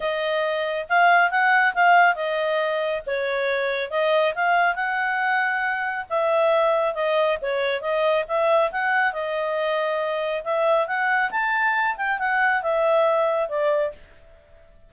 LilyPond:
\new Staff \with { instrumentName = "clarinet" } { \time 4/4 \tempo 4 = 138 dis''2 f''4 fis''4 | f''4 dis''2 cis''4~ | cis''4 dis''4 f''4 fis''4~ | fis''2 e''2 |
dis''4 cis''4 dis''4 e''4 | fis''4 dis''2. | e''4 fis''4 a''4. g''8 | fis''4 e''2 d''4 | }